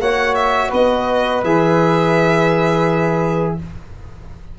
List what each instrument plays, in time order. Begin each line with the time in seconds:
0.00 tuba A#3, trombone F#4, flute C#5, violin F#5
0.35 violin E5
0.69 tuba B3, flute B4, violin D#5
1.44 tuba E3, trombone G#4, violin E5